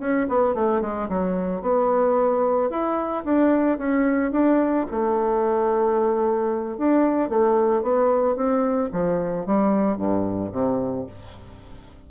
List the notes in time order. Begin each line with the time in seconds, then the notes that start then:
0.00 C#4
0.29 B3
0.55 A3
0.82 G#3
1.09 F#3
1.62 B3
2.70 E4
3.25 D4
3.78 C#4
4.32 D4
4.91 A3
6.78 D4
7.29 A3
7.83 B3
8.37 C4
8.92 F3
9.46 G3
9.97 G2
10.53 C3